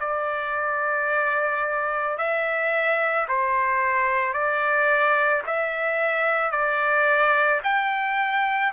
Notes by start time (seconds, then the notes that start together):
0.00 D5
2.18 E5
3.28 C5
4.33 D5
5.47 E5
6.52 D5
7.64 G5